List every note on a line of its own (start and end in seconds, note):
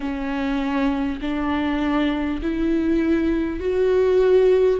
0.00 1.19 C#4
1.21 2.41 D4
2.42 3.60 E4
3.60 4.79 F#4